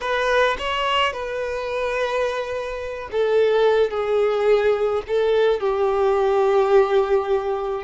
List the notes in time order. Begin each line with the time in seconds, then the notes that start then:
0.00 B4
0.58 C#5
1.12 B4
3.11 A4
3.90 G#4
5.07 A4
5.60 G4